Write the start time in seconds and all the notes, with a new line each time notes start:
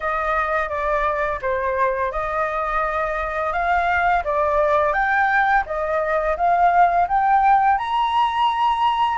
0.00 D#5
0.69 D5
1.41 C5
2.11 D#5
3.52 F5
4.24 D5
4.93 G5
5.66 D#5
6.37 F5
7.08 G5
7.77 A#5